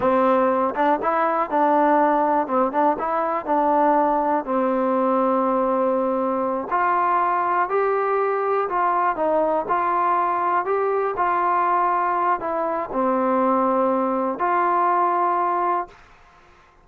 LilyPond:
\new Staff \with { instrumentName = "trombone" } { \time 4/4 \tempo 4 = 121 c'4. d'8 e'4 d'4~ | d'4 c'8 d'8 e'4 d'4~ | d'4 c'2.~ | c'4. f'2 g'8~ |
g'4. f'4 dis'4 f'8~ | f'4. g'4 f'4.~ | f'4 e'4 c'2~ | c'4 f'2. | }